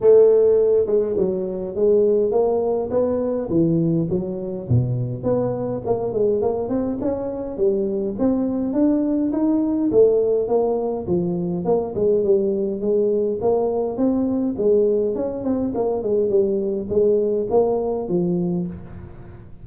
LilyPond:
\new Staff \with { instrumentName = "tuba" } { \time 4/4 \tempo 4 = 103 a4. gis8 fis4 gis4 | ais4 b4 e4 fis4 | b,4 b4 ais8 gis8 ais8 c'8 | cis'4 g4 c'4 d'4 |
dis'4 a4 ais4 f4 | ais8 gis8 g4 gis4 ais4 | c'4 gis4 cis'8 c'8 ais8 gis8 | g4 gis4 ais4 f4 | }